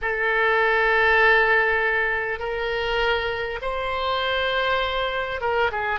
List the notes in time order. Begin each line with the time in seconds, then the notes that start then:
0.01 A4
2.39 A#4
3.61 C5
5.41 A#4
5.71 G#4